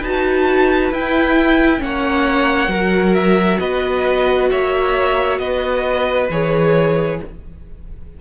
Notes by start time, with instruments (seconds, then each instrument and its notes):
0.00 cello D#4, viola F#4, violin B4 A5
0.92 cello E4, viola E4, violin G5
1.79 cello A#3, viola C#4, violin C#5 F#5
2.68 cello F#3, viola F#4, violin A#4
3.14 violin E5
3.59 cello B3, violin B4 D#5
4.50 cello A#3, violin C#5 E5
5.38 cello B3, violin B4 D#5
6.29 cello E3, viola G#4, violin C#5